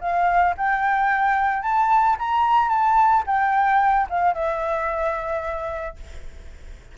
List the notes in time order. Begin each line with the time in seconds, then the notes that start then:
0.00 F5
0.57 G5
1.62 A5
2.19 A#5
2.69 A5
3.26 G5
4.09 F5
4.34 E5